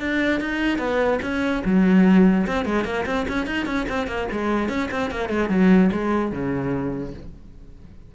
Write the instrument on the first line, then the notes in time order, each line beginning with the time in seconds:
cello
0.00 D4
0.40 D#4
0.78 B3
1.22 C#4
1.64 F#3
2.46 C4
2.65 G#3
2.84 A#3
3.06 C4
3.28 C#4
3.46 D#4
3.66 C#4
3.89 C4
4.07 A#3
4.31 G#3
4.68 C#4
4.91 C4
5.11 A#3
5.29 G#3
5.49 F#3
5.92 G#3
6.32 C#3